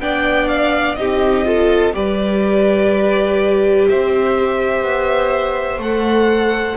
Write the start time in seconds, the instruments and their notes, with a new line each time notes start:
0.00 double bass B3, viola D4, violin D5 G5
0.48 violin F5
0.95 double bass C4, viola D#4, violin G4 D#5
1.44 viola F4, violin A4
1.93 double bass G3, viola G4, violin B4 D5
3.88 double bass C4, violin C5 E5
4.82 double bass B3
5.78 double bass A3, viola A4, violin F#5